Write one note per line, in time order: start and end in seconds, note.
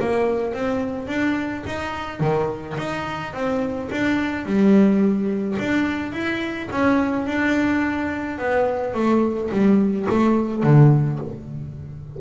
0.00 0.54 A#3
0.54 1.08 C4
1.08 1.64 D4
1.66 2.20 D#4
2.20 2.77 D#3
2.78 3.34 D#4
3.34 3.90 C4
3.91 4.46 D4
4.46 5.58 G3
5.59 6.13 D4
6.13 6.69 E4
6.71 7.27 C#4
7.27 8.39 D4
8.39 8.94 B3
8.94 9.50 A3
9.51 10.07 G3
10.10 10.63 A3
10.63 11.19 D3